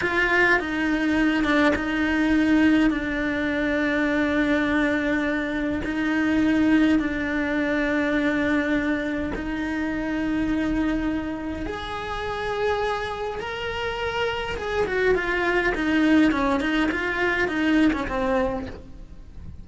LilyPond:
\new Staff \with { instrumentName = "cello" } { \time 4/4 \tempo 4 = 103 f'4 dis'4. d'8 dis'4~ | dis'4 d'2.~ | d'2 dis'2 | d'1 |
dis'1 | gis'2. ais'4~ | ais'4 gis'8 fis'8 f'4 dis'4 | cis'8 dis'8 f'4 dis'8. cis'16 c'4 | }